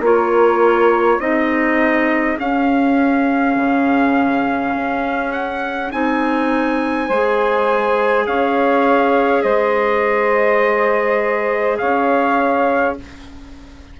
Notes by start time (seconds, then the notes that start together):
0.00 A#3 F4 A#4 C#5
1.19 C4 D#4 G#4 D#5
2.39 C#4 F5
3.56 C#3
4.74 C#4
5.32 F#5
5.91 C4 D#4 G#5
7.07 G#3 G#4 C5
8.26 C#4 C#5 F5
9.42 G#3 C5 D#5
11.78 C#4 C#5 F5